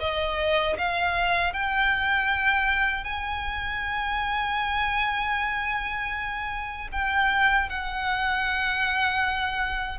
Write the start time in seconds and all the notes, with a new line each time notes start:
0.00 D#5
0.78 F5
1.53 G5
3.04 G#5
6.92 G5
7.69 F#5